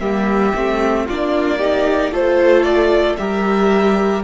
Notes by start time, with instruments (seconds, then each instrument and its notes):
0.00 cello G3, viola A#3, violin G4 E5
0.55 cello A3, viola C4
1.05 cello A#3, viola D4, violin F4 D5
1.57 viola D#4, violin G4
2.11 cello A3, viola F4, violin A4 C5
2.63 violin D5
3.17 cello G3, viola G4, violin A#4 E5